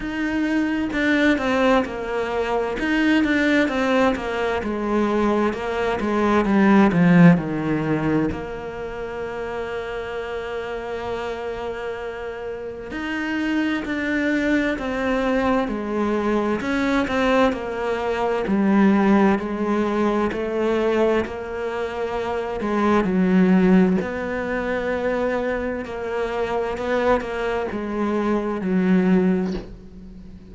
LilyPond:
\new Staff \with { instrumentName = "cello" } { \time 4/4 \tempo 4 = 65 dis'4 d'8 c'8 ais4 dis'8 d'8 | c'8 ais8 gis4 ais8 gis8 g8 f8 | dis4 ais2.~ | ais2 dis'4 d'4 |
c'4 gis4 cis'8 c'8 ais4 | g4 gis4 a4 ais4~ | ais8 gis8 fis4 b2 | ais4 b8 ais8 gis4 fis4 | }